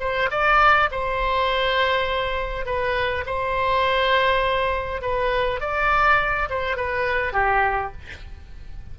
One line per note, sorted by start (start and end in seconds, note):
0.00 0.29 C5
0.30 0.89 D5
0.91 2.66 C5
2.66 3.24 B4
3.26 5.02 C5
5.02 5.60 B4
5.60 6.49 D5
6.49 6.76 C5
6.76 7.33 B4
7.33 7.92 G4